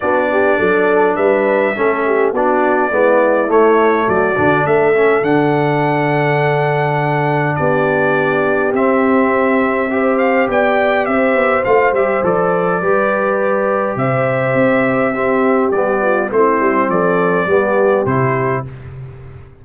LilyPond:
<<
  \new Staff \with { instrumentName = "trumpet" } { \time 4/4 \tempo 4 = 103 d''2 e''2 | d''2 cis''4 d''4 | e''4 fis''2.~ | fis''4 d''2 e''4~ |
e''4. f''8 g''4 e''4 | f''8 e''8 d''2. | e''2. d''4 | c''4 d''2 c''4 | }
  \new Staff \with { instrumentName = "horn" } { \time 4/4 fis'8 g'8 a'4 b'4 a'8 g'8 | fis'4 e'2 fis'4 | a'1~ | a'4 g'2.~ |
g'4 c''4 d''4 c''4~ | c''2 b'2 | c''2 g'4. f'8 | e'4 a'4 g'2 | }
  \new Staff \with { instrumentName = "trombone" } { \time 4/4 d'2. cis'4 | d'4 b4 a4. d'8~ | d'8 cis'8 d'2.~ | d'2. c'4~ |
c'4 g'2. | f'8 g'8 a'4 g'2~ | g'2 c'4 b4 | c'2 b4 e'4 | }
  \new Staff \with { instrumentName = "tuba" } { \time 4/4 b4 fis4 g4 a4 | b4 gis4 a4 fis8 d8 | a4 d2.~ | d4 b2 c'4~ |
c'2 b4 c'8 b8 | a8 g8 f4 g2 | c4 c'2 g4 | a8 g8 f4 g4 c4 | }
>>